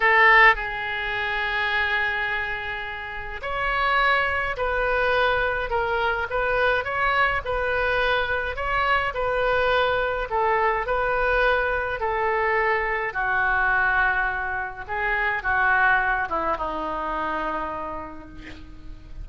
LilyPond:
\new Staff \with { instrumentName = "oboe" } { \time 4/4 \tempo 4 = 105 a'4 gis'2.~ | gis'2 cis''2 | b'2 ais'4 b'4 | cis''4 b'2 cis''4 |
b'2 a'4 b'4~ | b'4 a'2 fis'4~ | fis'2 gis'4 fis'4~ | fis'8 e'8 dis'2. | }